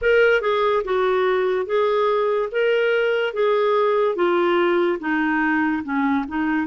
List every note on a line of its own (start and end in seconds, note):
0.01 0.41 A#4
0.41 0.82 G#4
0.84 1.66 F#4
1.66 2.49 G#4
2.52 3.33 A#4
3.33 4.15 G#4
4.15 4.98 F4
4.99 5.83 D#4
5.83 6.25 C#4
6.27 6.67 D#4